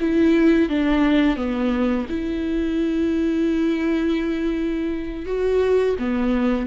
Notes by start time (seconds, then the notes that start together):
0.00 E4
0.69 D4
1.36 B3
2.09 E4
5.26 F#4
5.99 B3